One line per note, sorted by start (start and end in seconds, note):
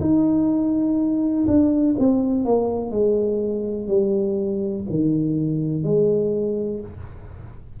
0.00 1.45 D#4
1.46 1.95 D4
1.98 2.44 C4
2.44 2.90 A#3
2.90 3.87 G#3
3.87 4.84 G3
4.89 5.83 D#3
5.83 6.80 G#3